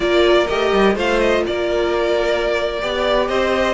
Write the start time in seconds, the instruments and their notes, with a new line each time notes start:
0.00 cello A#3, viola F4, violin A#4 D5
0.47 cello A3, viola G4, violin D#5
0.72 cello G3
0.95 cello A3, viola F4, violin C5 F5
1.19 violin D#5
1.46 cello A#3, violin A#4 D5
2.81 cello B3, viola G4, violin D5
3.28 cello C4, violin C5 D#5